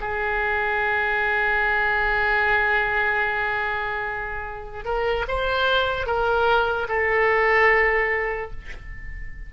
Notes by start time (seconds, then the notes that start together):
0.00 G#4
4.85 A#4
5.28 C5
6.06 A#4
6.88 A4